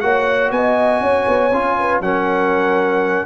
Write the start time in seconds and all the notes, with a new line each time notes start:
0.00 A#3 F#4 C#5 F#5
0.51 B3 D#5 G#5
1.01 C#4 C#5
1.28 B3
1.51 C#4 F4
1.79 B4
2.00 F#3 C#4 A#4 F#5